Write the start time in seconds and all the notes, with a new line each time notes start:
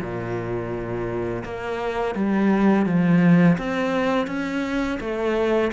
0.00 A#2
1.44 A#3
2.15 G3
2.86 F3
3.57 C4
4.27 C#4
5.00 A3